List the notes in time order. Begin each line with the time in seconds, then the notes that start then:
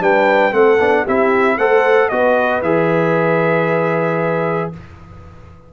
0.00 G3 D4 B4 G5
0.52 A3 C4 A4 F#5
0.79 B3 D4
1.04 C4 E4 G4 E5
1.57 A3 A4 C5 F#5
2.09 B3 F#4 B4 D#5
2.62 E3 G#4 E5